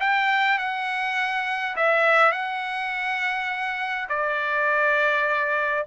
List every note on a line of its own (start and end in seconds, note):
0.00 0.58 G5
0.58 1.76 F#5
1.76 2.31 E5
2.31 4.08 F#5
4.09 5.85 D5